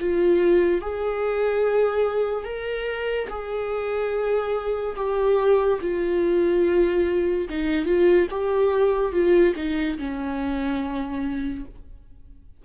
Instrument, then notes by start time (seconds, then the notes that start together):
viola
0.00 F4
0.81 G#4
2.45 A#4
3.29 G#4
4.96 G4
5.81 F4
7.50 D#4
7.86 F4
8.31 G4
9.12 F4
9.56 D#4
9.98 C#4